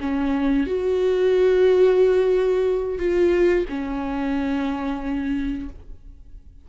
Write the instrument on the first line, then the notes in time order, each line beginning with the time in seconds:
viola
0.00 C#4
0.67 F#4
2.98 F4
3.69 C#4